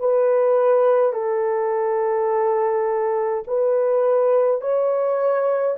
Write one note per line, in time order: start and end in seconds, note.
0.00 1.13 B4
1.13 3.44 A4
3.48 4.62 B4
4.62 5.77 C#5